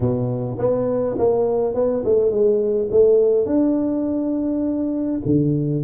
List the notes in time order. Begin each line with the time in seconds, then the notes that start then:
0.00 B2
0.58 B3
1.18 A#3
1.74 B3
2.04 A3
2.30 G#3
2.91 A3
3.46 D4
5.25 D3